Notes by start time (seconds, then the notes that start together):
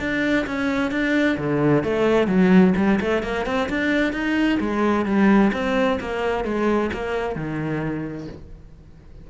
0.00 D4
0.47 C#4
0.91 D4
1.38 D3
1.84 A3
2.28 F#3
2.77 G3
3.01 A3
3.23 A#3
3.46 C4
3.69 D4
4.13 D#4
4.60 G#3
5.06 G3
5.53 C4
6.01 A#3
6.45 G#3
6.94 A#3
7.36 D#3